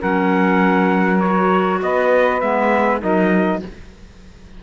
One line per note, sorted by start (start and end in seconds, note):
0.00 1.82 F#3
0.00 1.21 C#4
0.00 1.80 A#4
0.00 1.20 F#5
1.20 2.41 F#4
1.20 1.80 C#5
1.82 2.42 B3
1.82 3.01 B4
1.82 2.41 D#5
2.41 3.02 G#3
2.41 3.00 B3
2.41 3.01 E5
3.00 3.63 F#3
3.00 3.60 D#4
3.00 3.61 A#4
3.00 3.63 D#5